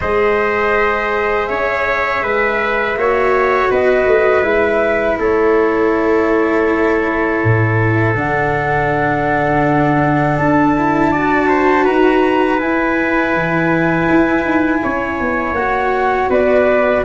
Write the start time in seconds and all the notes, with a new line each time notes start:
0.00 G#3 G#4 C5 D#5
1.46 C#4 C#5 E5
2.21 G#3 B4
2.96 A#3 F#4 C#5
3.70 B3 B4 D#5
4.05 A3
4.42 G#3 E4 E5
5.18 A3 A4 C#5
7.43 A2
8.14 D3 D4 F#5
10.37 D4 A5
10.77 E4
11.11 F#4 D5
11.48 C5
11.83 D#4 B4 A#5
12.58 E4 G#5
13.33 E3
14.09 E4
14.43 D#4
14.83 C#4 C#5
15.20 B3
15.52 A#3 F#4 F#5
16.29 B3 B4 D5